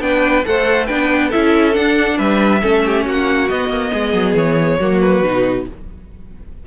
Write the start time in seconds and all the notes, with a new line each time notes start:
0.00 B3 D4 B4 G5
0.45 A3 A4 C5 F#5
0.87 B3 D4 B4 G5
1.29 C#4 E4 A4 E5
1.73 D4 F#5
2.18 G3 B4 E5
2.61 A3 C#4 A4
2.86 G4
3.05 A#3 F#4 F#5
3.49 B3 D#5
3.69 A#3
3.93 G#3 G#4
4.14 F#3
4.35 E3 C#5
4.80 F#3 A#3 F#4
5.01 B4
5.23 B2 D#4